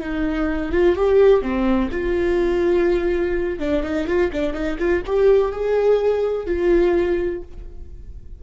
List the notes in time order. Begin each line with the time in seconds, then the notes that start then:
0.00 D#4
0.72 F4
0.96 G4
1.42 C4
1.91 F4
3.59 D4
3.83 D#4
4.07 F4
4.32 D4
4.53 D#4
4.78 F4
5.06 G4
5.52 G#4
6.46 F4